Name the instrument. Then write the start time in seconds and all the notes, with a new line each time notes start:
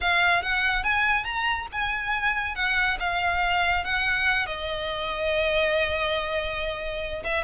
violin
0.00 F5
0.42 F#5
0.83 G#5
1.24 A#5
1.72 G#5
2.55 F#5
2.99 F5
3.84 F#5
4.46 D#5
7.23 E5